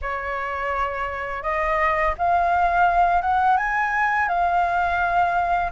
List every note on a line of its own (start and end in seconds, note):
0.01 1.43 C#5
1.43 2.14 D#5
2.18 3.21 F5
3.21 3.57 F#5
3.57 4.28 G#5
4.28 5.71 F5